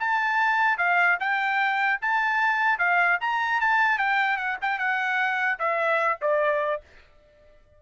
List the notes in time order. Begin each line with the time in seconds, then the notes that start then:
0.00 A5
0.78 F5
1.20 G5
2.02 A5
2.79 F5
3.21 A#5
3.61 A5
3.99 G5
4.37 F#5
4.62 G5
4.79 F#5
5.59 E5
6.22 D5